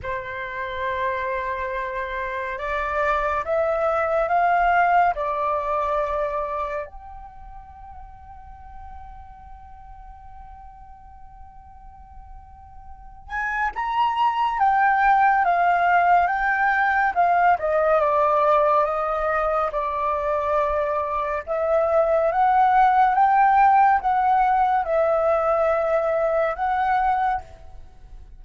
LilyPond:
\new Staff \with { instrumentName = "flute" } { \time 4/4 \tempo 4 = 70 c''2. d''4 | e''4 f''4 d''2 | g''1~ | g''2.~ g''8 gis''8 |
ais''4 g''4 f''4 g''4 | f''8 dis''8 d''4 dis''4 d''4~ | d''4 e''4 fis''4 g''4 | fis''4 e''2 fis''4 | }